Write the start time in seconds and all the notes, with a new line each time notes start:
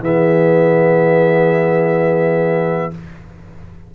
0.00 E3 B3 G#4 E5